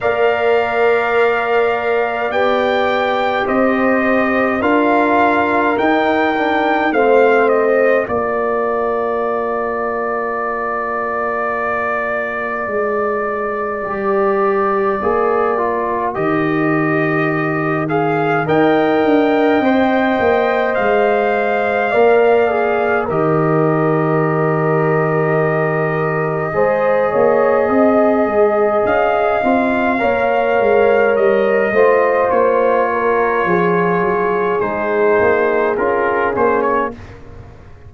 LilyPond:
<<
  \new Staff \with { instrumentName = "trumpet" } { \time 4/4 \tempo 4 = 52 f''2 g''4 dis''4 | f''4 g''4 f''8 dis''8 d''4~ | d''1~ | d''2 dis''4. f''8 |
g''2 f''2 | dis''1~ | dis''4 f''2 dis''4 | cis''2 c''4 ais'8 c''16 cis''16 | }
  \new Staff \with { instrumentName = "horn" } { \time 4/4 d''2. c''4 | ais'2 c''4 ais'4~ | ais'1~ | ais'1 |
dis''2. d''4 | ais'2. c''8 cis''8 | dis''2 cis''4. c''8~ | c''8 ais'8 gis'2. | }
  \new Staff \with { instrumentName = "trombone" } { \time 4/4 ais'2 g'2 | f'4 dis'8 d'8 c'4 f'4~ | f'1 | g'4 gis'8 f'8 g'4. gis'8 |
ais'4 c''2 ais'8 gis'8 | g'2. gis'4~ | gis'4. f'8 ais'4. f'8~ | f'2 dis'4 f'8 cis'8 | }
  \new Staff \with { instrumentName = "tuba" } { \time 4/4 ais2 b4 c'4 | d'4 dis'4 a4 ais4~ | ais2. gis4 | g4 ais4 dis2 |
dis'8 d'8 c'8 ais8 gis4 ais4 | dis2. gis8 ais8 | c'8 gis8 cis'8 c'8 ais8 gis8 g8 a8 | ais4 f8 fis8 gis8 ais8 cis'8 ais8 | }
>>